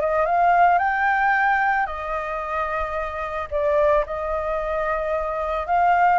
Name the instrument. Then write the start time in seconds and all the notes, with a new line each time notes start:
flute
0.00 D#5
0.25 F5
0.78 G5
1.86 D#5
3.50 D5
4.05 D#5
5.67 F5